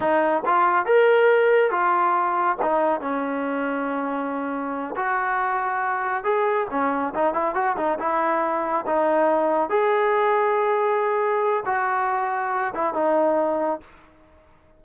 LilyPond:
\new Staff \with { instrumentName = "trombone" } { \time 4/4 \tempo 4 = 139 dis'4 f'4 ais'2 | f'2 dis'4 cis'4~ | cis'2.~ cis'8 fis'8~ | fis'2~ fis'8 gis'4 cis'8~ |
cis'8 dis'8 e'8 fis'8 dis'8 e'4.~ | e'8 dis'2 gis'4.~ | gis'2. fis'4~ | fis'4. e'8 dis'2 | }